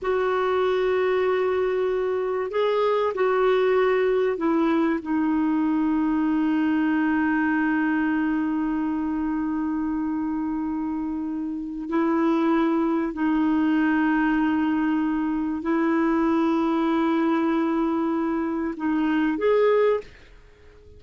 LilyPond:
\new Staff \with { instrumentName = "clarinet" } { \time 4/4 \tempo 4 = 96 fis'1 | gis'4 fis'2 e'4 | dis'1~ | dis'1~ |
dis'2. e'4~ | e'4 dis'2.~ | dis'4 e'2.~ | e'2 dis'4 gis'4 | }